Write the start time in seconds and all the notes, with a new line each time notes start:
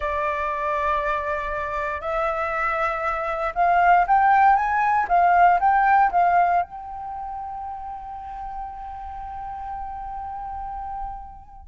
0.00 D5
2.00 E5
3.55 F5
4.07 G5
4.56 G#5
5.08 F5
5.59 G5
6.11 F5
6.62 G5